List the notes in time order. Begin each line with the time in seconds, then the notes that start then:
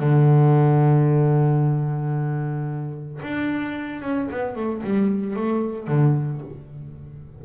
0.00 D3
3.23 D4
4.02 C#4
4.31 B3
4.56 A3
4.84 G3
5.36 A3
5.88 D3